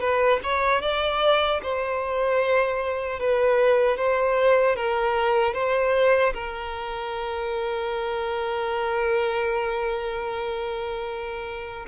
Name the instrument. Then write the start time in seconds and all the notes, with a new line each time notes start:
violin
0.00 B4
0.43 C#5
0.81 D5
1.63 C5
3.19 B4
3.97 C5
4.76 A#4
5.54 C5
6.33 A#4